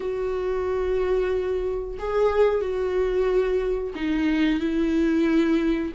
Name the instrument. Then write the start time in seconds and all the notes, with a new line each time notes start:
viola
0.00 F#4
1.98 G#4
2.61 F#4
3.95 D#4
4.60 E4